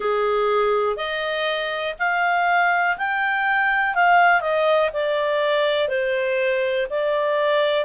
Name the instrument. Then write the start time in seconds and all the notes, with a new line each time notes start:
clarinet
0.00 G#4
0.96 D#5
1.99 F5
2.97 G5
3.94 F5
4.40 D#5
4.93 D5
5.88 C5
6.90 D5